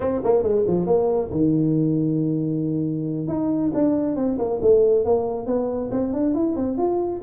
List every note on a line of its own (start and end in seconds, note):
0.00 0.20 C4
0.23 0.42 A#3
0.42 0.64 G#3
0.67 0.86 F3
0.86 1.30 A#3
1.31 3.27 D#3
3.27 3.71 D#4
3.74 4.16 D4
4.16 4.38 C4
4.38 4.60 A#3
4.61 5.05 A3
5.05 5.46 A#3
5.46 5.90 B3
5.91 6.13 C4
6.13 6.34 D4
6.34 6.56 E4
6.56 6.77 C4
6.77 7.21 F4